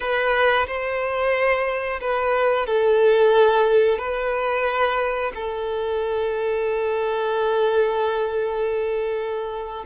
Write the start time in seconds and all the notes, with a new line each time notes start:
0.00 B4
0.66 C5
2.01 B4
2.66 A4
3.98 B4
5.34 A4